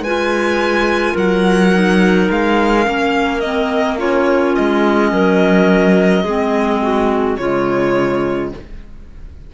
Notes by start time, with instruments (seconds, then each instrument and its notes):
0.00 cello G#3, clarinet F4 B4, violin G#5
1.13 cello F#3, clarinet A#4, violin F#5
1.73 clarinet D#4
2.30 cello G#3, violin F5
2.84 cello A#3, clarinet C#4
3.40 clarinet C4, violin D#5
3.98 clarinet C#4 F4, violin C#5
4.55 cello G#3, violin D#5
5.12 cello F#3, clarinet A#4
6.24 cello G#3, clarinet C4 G#4
6.81 clarinet F#4
7.37 cello C#3, clarinet G#3 F4, violin C#5